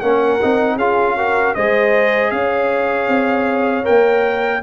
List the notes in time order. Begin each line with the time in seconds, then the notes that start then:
0.00 A#3 C#4 A#4 F#5
0.42 C4 D#4
0.75 C#4 F4 G#4 F5
1.17 F#4 A#4
1.54 G#3 G#4 C5 D#5
2.31 C#4 C#5 F5
3.08 C4
3.84 A#3 A#4 G5